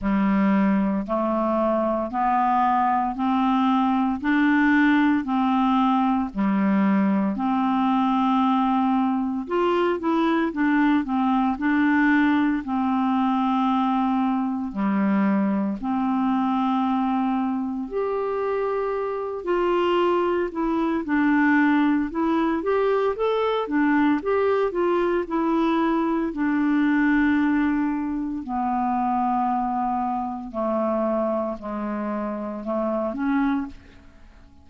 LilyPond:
\new Staff \with { instrumentName = "clarinet" } { \time 4/4 \tempo 4 = 57 g4 a4 b4 c'4 | d'4 c'4 g4 c'4~ | c'4 f'8 e'8 d'8 c'8 d'4 | c'2 g4 c'4~ |
c'4 g'4. f'4 e'8 | d'4 e'8 g'8 a'8 d'8 g'8 f'8 | e'4 d'2 b4~ | b4 a4 gis4 a8 cis'8 | }